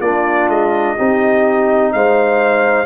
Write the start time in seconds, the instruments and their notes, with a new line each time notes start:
0.00 tuba A#3, trombone D4, horn F4, trumpet D5
0.48 tuba G#3, trumpet D#5
0.96 tuba C4, trombone D#4, horn G4
1.92 tuba G#3, horn C5, trumpet F5